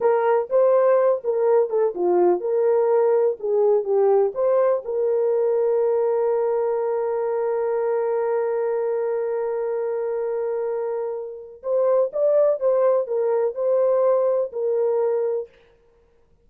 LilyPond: \new Staff \with { instrumentName = "horn" } { \time 4/4 \tempo 4 = 124 ais'4 c''4. ais'4 a'8 | f'4 ais'2 gis'4 | g'4 c''4 ais'2~ | ais'1~ |
ais'1~ | ais'1 | c''4 d''4 c''4 ais'4 | c''2 ais'2 | }